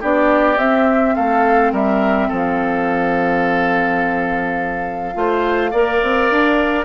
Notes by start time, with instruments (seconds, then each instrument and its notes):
0.00 bassoon B3, clarinet D4, oboe G4, flute D5
0.57 clarinet C4, bassoon C4, flute E5
1.15 bassoon A3, oboe A4, flute F5
1.72 bassoon G3, oboe A#4, flute E5
2.28 bassoon F3, oboe A4, flute F5
5.14 bassoon A3, clarinet F4, oboe C5
5.71 bassoon A#3, clarinet A#4, oboe D5
6.03 bassoon C4
6.30 bassoon D4